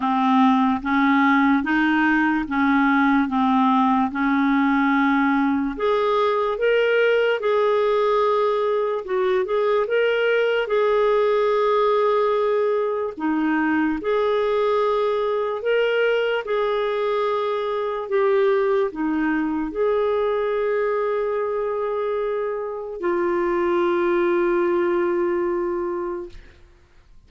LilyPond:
\new Staff \with { instrumentName = "clarinet" } { \time 4/4 \tempo 4 = 73 c'4 cis'4 dis'4 cis'4 | c'4 cis'2 gis'4 | ais'4 gis'2 fis'8 gis'8 | ais'4 gis'2. |
dis'4 gis'2 ais'4 | gis'2 g'4 dis'4 | gis'1 | f'1 | }